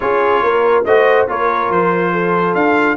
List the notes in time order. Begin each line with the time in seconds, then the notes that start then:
0.00 C#4 F4 G#4 C#5
0.42 A#3 A#4
0.84 A3 F#4 C5 D#5
1.28 A#3 F4 A#4 C#5
1.70 F3 C5
2.12 A4
2.54 D4 F5